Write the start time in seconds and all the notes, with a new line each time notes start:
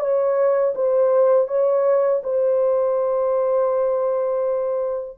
0.00 C#5
0.75 C5
1.48 C#5
2.24 C5